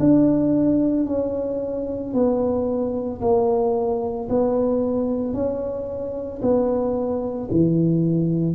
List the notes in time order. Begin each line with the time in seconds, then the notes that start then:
0.00 D4
1.07 C#4
2.14 B3
3.22 A#3
4.30 B3
5.34 C#4
6.42 B3
7.51 E3